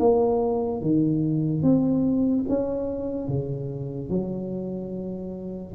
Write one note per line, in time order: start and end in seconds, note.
0.00 0.82 A#3
0.82 1.63 D#3
1.63 2.45 C4
2.49 3.28 C#4
3.28 4.10 C#3
4.10 5.74 F#3